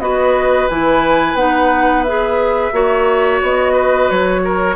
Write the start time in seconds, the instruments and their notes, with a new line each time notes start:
0.00 bassoon B3, clarinet F#4, oboe B4, flute D#5
0.69 bassoon E3, clarinet E4, flute G#5
1.34 bassoon B3, clarinet D#4, flute F#5
2.04 clarinet G#4, flute E5
2.73 bassoon A#3, clarinet F#4, oboe C#5
3.42 bassoon B3, flute D#5
3.73 oboe B4
4.10 bassoon F#3, flute C#5
4.45 oboe A#4